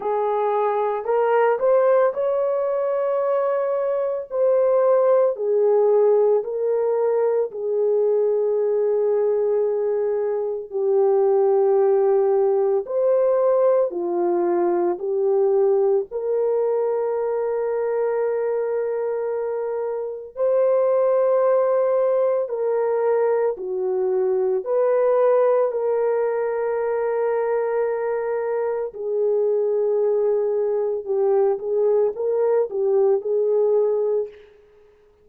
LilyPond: \new Staff \with { instrumentName = "horn" } { \time 4/4 \tempo 4 = 56 gis'4 ais'8 c''8 cis''2 | c''4 gis'4 ais'4 gis'4~ | gis'2 g'2 | c''4 f'4 g'4 ais'4~ |
ais'2. c''4~ | c''4 ais'4 fis'4 b'4 | ais'2. gis'4~ | gis'4 g'8 gis'8 ais'8 g'8 gis'4 | }